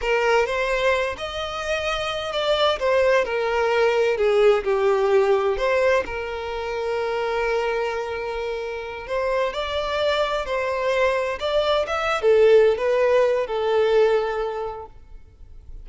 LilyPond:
\new Staff \with { instrumentName = "violin" } { \time 4/4 \tempo 4 = 129 ais'4 c''4. dis''4.~ | dis''4 d''4 c''4 ais'4~ | ais'4 gis'4 g'2 | c''4 ais'2.~ |
ais'2.~ ais'8 c''8~ | c''8 d''2 c''4.~ | c''8 d''4 e''8. a'4~ a'16 b'8~ | b'4 a'2. | }